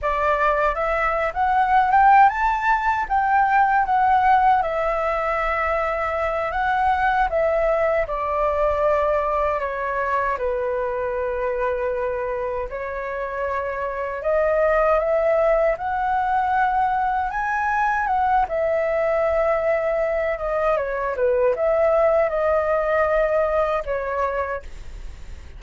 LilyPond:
\new Staff \with { instrumentName = "flute" } { \time 4/4 \tempo 4 = 78 d''4 e''8. fis''8. g''8 a''4 | g''4 fis''4 e''2~ | e''8 fis''4 e''4 d''4.~ | d''8 cis''4 b'2~ b'8~ |
b'8 cis''2 dis''4 e''8~ | e''8 fis''2 gis''4 fis''8 | e''2~ e''8 dis''8 cis''8 b'8 | e''4 dis''2 cis''4 | }